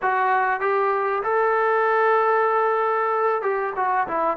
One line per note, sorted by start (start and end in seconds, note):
0.02 0.60 F#4
0.60 1.22 G4
1.23 3.41 A4
3.42 3.73 G4
3.76 4.07 F#4
4.07 4.37 E4